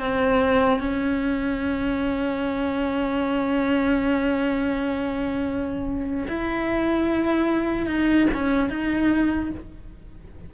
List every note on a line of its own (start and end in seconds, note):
0.00 0.80 C4
0.80 6.27 C#4
6.29 7.87 E4
7.87 8.27 D#4
8.34 8.70 C#4
8.70 9.51 D#4